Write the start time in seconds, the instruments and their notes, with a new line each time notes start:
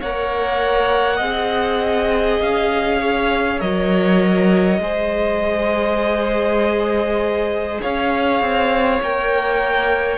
0.00 cello A#3, viola A#4, violin C#5 F#5
1.16 cello C4, viola G#4, violin D#5
2.41 cello C#4, violin F5
2.99 violin C#5
3.60 cello F#3, viola A#4, violin D#5
4.79 cello G#3, viola G#4, violin C5
7.81 cello C#4, violin C#5 F5
8.40 cello C4
9.02 cello A#3, viola A#4, violin G5